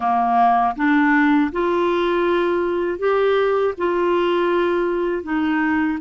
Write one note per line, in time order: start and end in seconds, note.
0.00 0.75 A#3
0.76 1.51 D4
1.51 2.99 F4
2.99 3.74 G4
3.77 5.23 F4
5.23 5.98 D#4